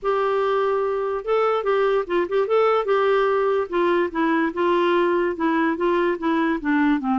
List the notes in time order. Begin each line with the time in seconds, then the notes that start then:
0.02 G4
1.24 A4
1.63 G4
2.06 F4
2.28 G4
2.47 A4
2.85 G4
3.69 F4
4.11 E4
4.53 F4
5.36 E4
5.76 F4
6.18 E4
6.61 D4
7.00 C4